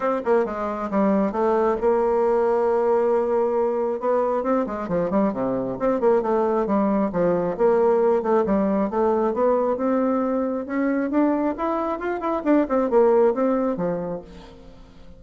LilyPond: \new Staff \with { instrumentName = "bassoon" } { \time 4/4 \tempo 4 = 135 c'8 ais8 gis4 g4 a4 | ais1~ | ais4 b4 c'8 gis8 f8 g8 | c4 c'8 ais8 a4 g4 |
f4 ais4. a8 g4 | a4 b4 c'2 | cis'4 d'4 e'4 f'8 e'8 | d'8 c'8 ais4 c'4 f4 | }